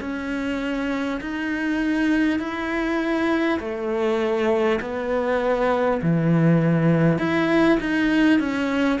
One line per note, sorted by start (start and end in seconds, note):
0.00 1.20 C#4
1.20 2.39 D#4
2.39 3.59 E4
3.59 4.79 A3
4.81 6.01 B3
6.02 7.18 E3
7.18 7.78 E4
7.80 8.39 D#4
8.39 8.99 C#4